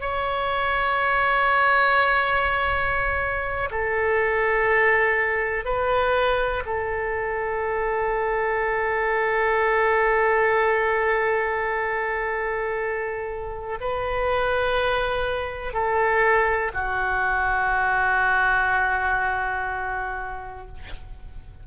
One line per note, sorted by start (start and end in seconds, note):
0.00 3.69 C#5
3.70 5.65 A4
5.65 6.63 B4
6.65 13.78 A4
13.80 15.73 B4
15.73 16.71 A4
16.73 20.67 F#4